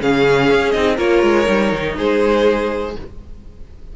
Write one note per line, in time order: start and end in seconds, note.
0.00 0.51 C#3
0.00 0.74 C#4
0.00 0.97 G#4
0.00 0.72 F5
0.51 0.75 C#4
0.72 0.99 C4
0.72 0.97 D#4
0.72 0.96 D#5
0.97 1.23 A#3
0.97 1.46 F4
0.97 1.95 A#4
0.97 1.97 C#5
1.23 1.47 G#3
1.46 1.73 G3
1.46 2.93 D#4
1.73 1.98 D#3
1.98 2.97 G#3
1.98 2.96 G#4
1.98 2.97 C5